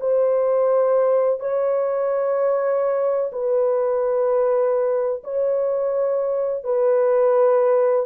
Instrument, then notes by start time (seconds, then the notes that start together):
horn
0.00 C5
1.40 C#5
3.32 B4
5.24 C#5
6.64 B4